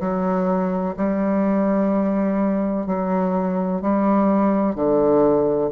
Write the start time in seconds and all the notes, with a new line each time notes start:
0.00 F#3
0.97 G3
2.86 F#3
3.81 G3
4.75 D3